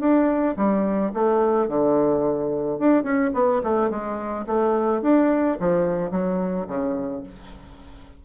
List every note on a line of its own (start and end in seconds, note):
0.00 0.56 D4
0.57 1.12 G3
1.14 1.68 A3
1.68 2.79 D3
2.79 3.04 D4
3.04 3.32 C#4
3.34 3.62 B3
3.64 3.91 A3
3.91 4.46 G#3
4.47 5.02 A3
5.02 5.58 D4
5.60 6.11 F3
6.11 6.67 F#3
6.68 7.23 C#3